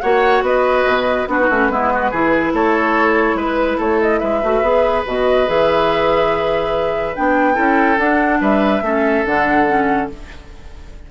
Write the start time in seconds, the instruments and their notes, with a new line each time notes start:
0.00 bassoon A#3, clarinet F#4, oboe C#5, flute F#5
0.42 bassoon B3, oboe B4, flute D#5
0.85 bassoon B2
1.27 bassoon B3, clarinet D4, oboe F#4, flute B4
1.39 clarinet D#4
1.49 bassoon A3, clarinet C#4
1.69 bassoon G#3, clarinet B3, oboe E4
1.94 oboe F#4
2.10 bassoon E3, clarinet E4, oboe G#4
2.53 bassoon A3, oboe A4, flute C#5
3.34 bassoon G#3, oboe B4, flute B4
3.77 bassoon A3, oboe A4, flute C#5
4.01 flute D#5
4.18 bassoon G#3, oboe B4, flute E5
4.42 bassoon A3, clarinet F#4
4.61 bassoon B3, clarinet G#4
5.06 bassoon B2, clarinet F#4, flute D#5
5.46 bassoon E3, clarinet G#4, flute E5
7.15 bassoon B3, clarinet D4, flute G5
7.54 bassoon C#4, clarinet E4, oboe A4
7.97 bassoon D4, clarinet D4, flute F#5
8.40 bassoon G3, oboe B4, flute E5
8.81 bassoon A3, clarinet C#4, oboe A4
9.25 bassoon D3, clarinet D4, flute F#5
9.66 clarinet C#4